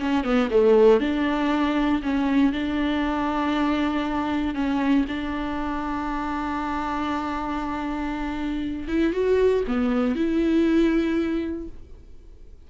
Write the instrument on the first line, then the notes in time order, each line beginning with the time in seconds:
viola
0.00 C#4
0.24 B3
0.51 A3
1.00 D4
2.03 C#4
2.53 D4
4.55 C#4
5.08 D4
8.88 E4
9.13 F#4
9.67 B3
10.16 E4